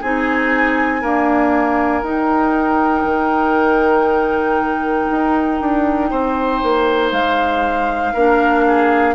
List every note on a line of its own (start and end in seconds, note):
0.00 1.04 C4
0.00 1.02 D#4
0.00 1.01 G#4
0.00 2.04 G#5
1.01 2.04 A#3
1.01 2.03 D4
1.01 6.10 A#4
2.03 3.04 D#4
2.03 8.14 D#4
2.03 7.12 G5
3.04 5.07 D#3
5.11 5.60 D#4
5.60 6.11 D4
6.10 6.62 C4
6.10 8.13 C5
6.63 7.12 A#3
7.12 8.13 G#3
7.12 9.14 F5
8.13 9.14 A#3
8.13 9.14 D4
8.13 8.64 A#4
8.67 9.14 G#4